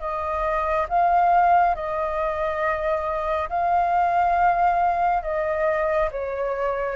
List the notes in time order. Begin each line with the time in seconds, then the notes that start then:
0.00 D#5
0.89 F5
1.75 D#5
3.50 F5
5.23 D#5
6.11 C#5